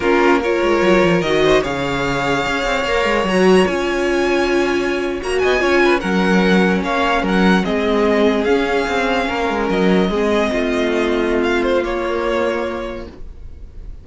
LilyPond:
<<
  \new Staff \with { instrumentName = "violin" } { \time 4/4 \tempo 4 = 147 ais'4 cis''2 dis''4 | f''1 | ais''4 gis''2.~ | gis''8. ais''8 gis''4. fis''4~ fis''16~ |
fis''8. f''4 fis''4 dis''4~ dis''16~ | dis''8. f''2. dis''16~ | dis''1 | f''8 c''8 cis''2. | }
  \new Staff \with { instrumentName = "violin" } { \time 4/4 f'4 ais'2~ ais'8 c''8 | cis''1~ | cis''1~ | cis''4~ cis''16 dis''8 cis''8 b'8 ais'4~ ais'16~ |
ais'8. cis''4 ais'4 gis'4~ gis'16~ | gis'2~ gis'8. ais'4~ ais'16~ | ais'8. gis'4 f'2~ f'16~ | f'1 | }
  \new Staff \with { instrumentName = "viola" } { \time 4/4 cis'4 f'2 fis'4 | gis'2. ais'4 | fis'4 f'2.~ | f'8. fis'4 f'4 cis'4~ cis'16~ |
cis'2~ cis'8. c'4~ c'16~ | c'8. cis'2.~ cis'16~ | cis'8. c'2.~ c'16~ | c'4 ais2. | }
  \new Staff \with { instrumentName = "cello" } { \time 4/4 ais4. gis8 fis8 f8 dis4 | cis2 cis'8 c'8 ais8 gis8 | fis4 cis'2.~ | cis'8. ais8 b8 cis'4 fis4~ fis16~ |
fis8. ais4 fis4 gis4~ gis16~ | gis8. cis'4 c'4 ais8 gis8 fis16~ | fis8. gis4 a2~ a16~ | a4 ais2. | }
>>